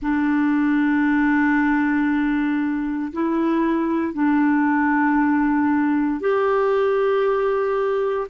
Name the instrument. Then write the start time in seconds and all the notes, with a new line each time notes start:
clarinet
0.02 D4
3.12 E4
4.13 D4
6.20 G4